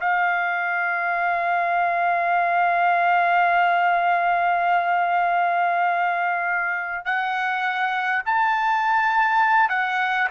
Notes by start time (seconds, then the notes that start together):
0.00 F5
7.05 F#5
8.25 A5
9.69 F#5